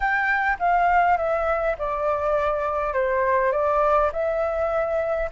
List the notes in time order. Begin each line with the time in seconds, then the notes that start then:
0.00 G5
0.59 F5
1.17 E5
1.78 D5
2.93 C5
3.51 D5
4.12 E5